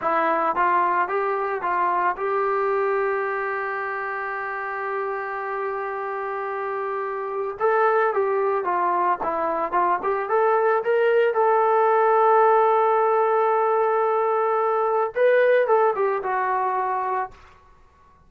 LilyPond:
\new Staff \with { instrumentName = "trombone" } { \time 4/4 \tempo 4 = 111 e'4 f'4 g'4 f'4 | g'1~ | g'1~ | g'2 a'4 g'4 |
f'4 e'4 f'8 g'8 a'4 | ais'4 a'2.~ | a'1 | b'4 a'8 g'8 fis'2 | }